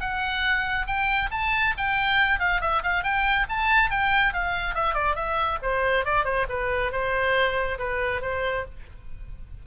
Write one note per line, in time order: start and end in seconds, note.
0.00 0.86 F#5
0.86 1.29 G5
1.31 1.74 A5
1.77 2.39 G5
2.39 2.61 F5
2.61 2.82 E5
2.83 3.03 F5
3.03 3.46 G5
3.49 3.90 A5
3.90 4.33 G5
4.33 4.74 F5
4.74 4.94 E5
4.94 5.15 D5
5.15 5.58 E5
5.62 6.05 C5
6.05 6.24 D5
6.24 6.46 C5
6.49 6.92 B4
6.92 7.78 C5
7.78 8.21 B4
8.21 8.64 C5